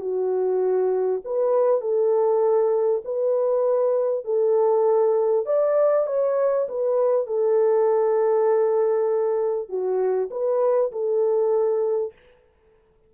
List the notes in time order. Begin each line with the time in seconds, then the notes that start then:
0.00 F#4
1.24 B4
1.81 A4
3.04 B4
4.24 A4
5.46 D5
6.07 C#5
6.69 B4
7.26 A4
9.69 F#4
10.31 B4
10.92 A4